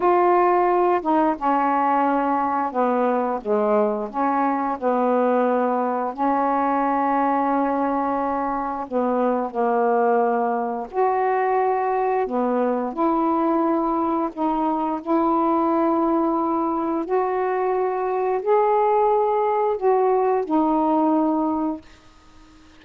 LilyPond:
\new Staff \with { instrumentName = "saxophone" } { \time 4/4 \tempo 4 = 88 f'4. dis'8 cis'2 | b4 gis4 cis'4 b4~ | b4 cis'2.~ | cis'4 b4 ais2 |
fis'2 b4 e'4~ | e'4 dis'4 e'2~ | e'4 fis'2 gis'4~ | gis'4 fis'4 dis'2 | }